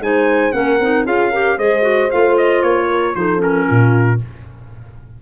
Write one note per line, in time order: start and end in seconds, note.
0.00 0.52 G#3
0.00 0.52 D#4
0.00 0.55 C5
0.00 0.52 G#5
0.52 0.79 A#3
0.52 0.78 C#4
0.52 1.06 A#4
0.52 1.04 F#5
0.79 1.06 C4
0.79 1.06 D#4
1.06 1.58 C#4
1.06 1.32 F4
1.06 1.31 G#4
1.06 1.59 F5
1.31 1.59 G4
1.31 1.57 A#4
1.57 2.10 G#3
1.57 1.82 G#4
1.57 2.88 C5
1.57 2.11 D#5
1.82 2.08 F#4
2.11 2.63 A3
2.11 3.15 F4
2.11 2.37 F5
2.38 2.63 D#5
2.63 3.15 A#3
2.63 3.15 C#5
2.90 3.16 A#4
3.15 3.67 F3
3.15 3.37 D#4
3.15 3.67 A4
3.15 3.41 C5
3.37 4.16 C#4
3.37 4.21 A#4
3.67 4.22 A#2
3.67 4.20 F4